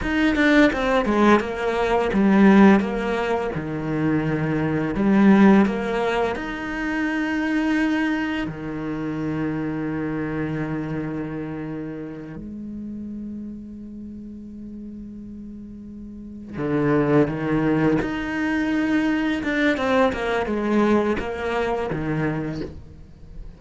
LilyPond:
\new Staff \with { instrumentName = "cello" } { \time 4/4 \tempo 4 = 85 dis'8 d'8 c'8 gis8 ais4 g4 | ais4 dis2 g4 | ais4 dis'2. | dis1~ |
dis4. gis2~ gis8~ | gis2.~ gis8 d8~ | d8 dis4 dis'2 d'8 | c'8 ais8 gis4 ais4 dis4 | }